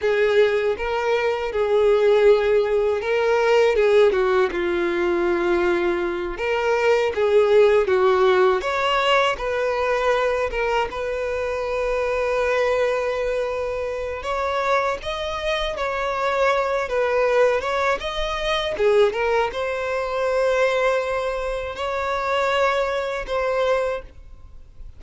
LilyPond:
\new Staff \with { instrumentName = "violin" } { \time 4/4 \tempo 4 = 80 gis'4 ais'4 gis'2 | ais'4 gis'8 fis'8 f'2~ | f'8 ais'4 gis'4 fis'4 cis''8~ | cis''8 b'4. ais'8 b'4.~ |
b'2. cis''4 | dis''4 cis''4. b'4 cis''8 | dis''4 gis'8 ais'8 c''2~ | c''4 cis''2 c''4 | }